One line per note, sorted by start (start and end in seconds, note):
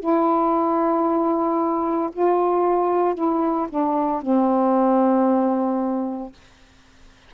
0.00 2.11 E4
2.13 3.15 F4
3.15 3.67 E4
3.69 4.22 D4
4.22 6.33 C4